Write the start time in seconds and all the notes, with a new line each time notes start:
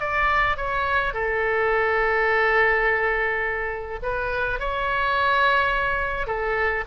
0.00 D5
0.57 C#5
1.14 A4
4.02 B4
4.59 C#5
6.26 A4